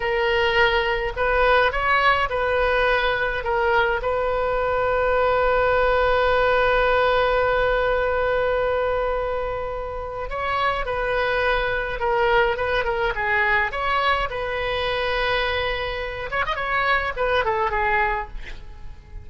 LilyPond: \new Staff \with { instrumentName = "oboe" } { \time 4/4 \tempo 4 = 105 ais'2 b'4 cis''4 | b'2 ais'4 b'4~ | b'1~ | b'1~ |
b'2 cis''4 b'4~ | b'4 ais'4 b'8 ais'8 gis'4 | cis''4 b'2.~ | b'8 cis''16 dis''16 cis''4 b'8 a'8 gis'4 | }